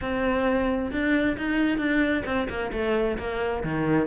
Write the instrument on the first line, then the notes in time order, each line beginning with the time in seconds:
cello
0.01 C4
0.91 D4
1.37 D#4
1.78 D4
2.25 C4
2.49 A#3
2.72 A3
3.18 A#3
3.63 D#3